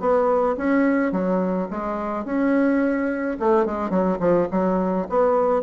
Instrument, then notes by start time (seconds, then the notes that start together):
bassoon
0.00 B3
0.57 C#4
1.12 F#3
1.71 G#3
2.25 C#4
3.40 A3
3.66 G#3
3.90 F#3
4.20 F3
4.51 F#3
5.09 B3